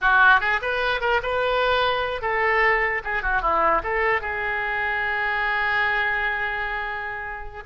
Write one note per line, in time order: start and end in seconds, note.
0.01 0.40 F#4
0.40 0.60 G#4
0.61 1.01 B4
1.01 1.21 A#4
1.22 2.21 B4
2.21 3.02 A4
3.04 3.22 G#4
3.22 3.41 F#4
3.41 3.82 E4
3.83 4.21 A4
4.21 7.63 G#4